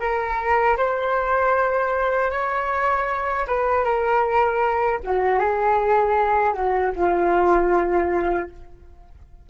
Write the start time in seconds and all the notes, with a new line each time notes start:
0.00 A#4
0.77 C5
2.31 C#5
3.48 B4
3.85 A#4
5.04 F#4
5.40 G#4
6.54 F#4
6.96 F4